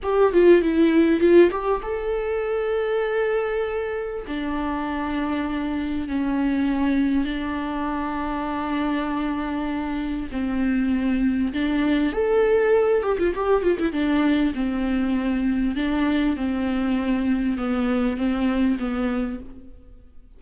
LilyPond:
\new Staff \with { instrumentName = "viola" } { \time 4/4 \tempo 4 = 99 g'8 f'8 e'4 f'8 g'8 a'4~ | a'2. d'4~ | d'2 cis'2 | d'1~ |
d'4 c'2 d'4 | a'4. g'16 f'16 g'8 f'16 e'16 d'4 | c'2 d'4 c'4~ | c'4 b4 c'4 b4 | }